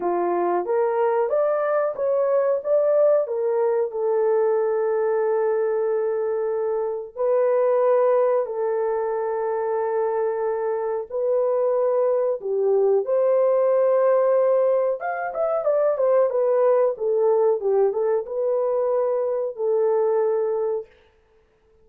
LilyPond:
\new Staff \with { instrumentName = "horn" } { \time 4/4 \tempo 4 = 92 f'4 ais'4 d''4 cis''4 | d''4 ais'4 a'2~ | a'2. b'4~ | b'4 a'2.~ |
a'4 b'2 g'4 | c''2. f''8 e''8 | d''8 c''8 b'4 a'4 g'8 a'8 | b'2 a'2 | }